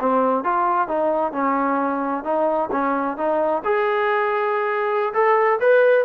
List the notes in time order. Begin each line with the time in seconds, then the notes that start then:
0.00 C4
0.44 F4
0.89 D#4
1.33 C#4
2.24 D#4
2.72 C#4
3.18 D#4
3.65 G#4
5.14 A4
5.61 B4